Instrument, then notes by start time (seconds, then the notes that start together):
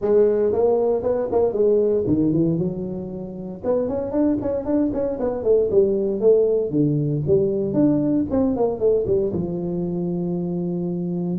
tuba
0.01 G#3
0.52 A#3
1.03 B3
1.31 A#3
1.53 G#3
2.06 D#3
2.32 E3
2.58 F#3
3.63 B3
3.88 C#4
4.11 D4
4.41 C#4
4.65 D4
4.93 C#4
5.19 B3
5.43 A3
5.71 G3
6.20 A3
6.70 D3
7.26 G3
7.73 D4
8.30 C4
8.56 A#3
8.79 A3
9.06 G3
9.32 F3